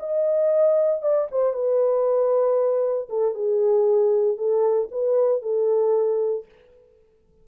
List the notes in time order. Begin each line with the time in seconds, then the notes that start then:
0.00 D#5
1.03 D5
1.32 C5
1.54 B4
3.10 A4
3.35 G#4
4.38 A4
4.92 B4
5.42 A4